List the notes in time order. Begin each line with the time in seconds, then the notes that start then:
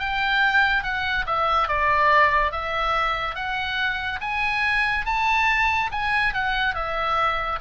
0.00 G5
0.83 F#5
1.27 E5
1.69 D5
2.52 E5
3.36 F#5
4.21 G#5
5.06 A5
5.92 G#5
6.34 F#5
6.75 E5